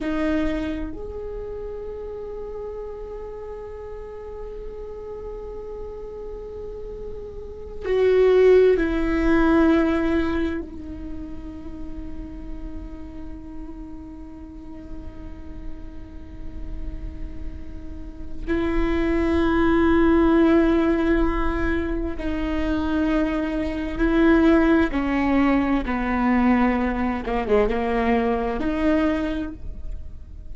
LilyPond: \new Staff \with { instrumentName = "viola" } { \time 4/4 \tempo 4 = 65 dis'4 gis'2.~ | gis'1~ | gis'8 fis'4 e'2 dis'8~ | dis'1~ |
dis'1 | e'1 | dis'2 e'4 cis'4 | b4. ais16 gis16 ais4 dis'4 | }